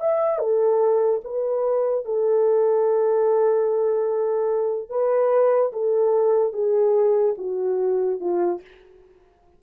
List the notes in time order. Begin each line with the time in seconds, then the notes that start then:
0.00 E5
0.38 A4
1.24 B4
2.05 A4
4.89 B4
5.73 A4
6.53 G#4
7.38 F#4
8.20 F4